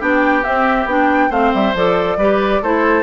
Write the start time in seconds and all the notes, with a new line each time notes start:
0.00 B3 D4 G4 G5
0.44 C4 E5
0.86 B3 D4 G5
1.30 A3 C4 C5 F5
1.54 G3 E5
1.75 F3 A4 D5
2.17 G3 G4 B4
2.62 A3 E4 A4 C5